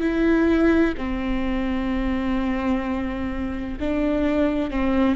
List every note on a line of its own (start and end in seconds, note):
0.00 0.94 E4
0.97 3.78 C4
3.80 4.70 D4
4.70 5.16 C4